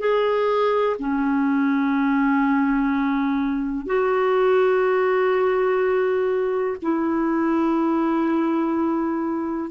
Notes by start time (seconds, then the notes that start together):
0.00 G#4
0.99 C#4
3.87 F#4
6.82 E4